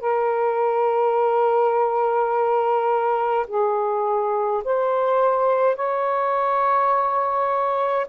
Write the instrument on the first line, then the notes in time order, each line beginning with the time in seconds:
saxophone
0.00 A#4
3.47 G#4
4.64 C5
5.75 C#5